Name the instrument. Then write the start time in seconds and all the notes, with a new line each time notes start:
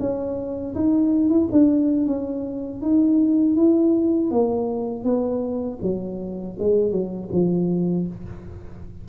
tuba
0.00 C#4
0.76 D#4
1.30 E4
1.52 D4
2.07 C#4
2.82 D#4
3.56 E4
4.31 A#3
5.05 B3
5.83 F#3
6.60 G#3
6.92 F#3
7.33 F3